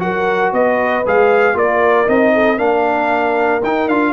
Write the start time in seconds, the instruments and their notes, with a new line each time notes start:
0.00 tuba F#3, trombone F#4, horn A#4, trumpet F#5
0.53 tuba B3, horn B4, trumpet D#5
1.07 tuba G#3, trombone G#4, trumpet F5
1.55 tuba A#3, trombone F4, horn A#4, trumpet D5
2.06 tuba C4, trombone D#4, trumpet D#5
2.34 horn A4
2.58 tuba A#3, trombone D4, horn A#4, trumpet F5
3.63 tuba D#4, trombone D#4, trumpet G5
3.88 tuba D4, trombone F4, trumpet F5